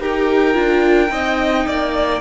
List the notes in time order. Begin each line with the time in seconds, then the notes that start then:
0.00 D#4 G4 A#4 G5
0.54 D4 F4
1.09 C4 D#4 D#5
1.67 A#3 D5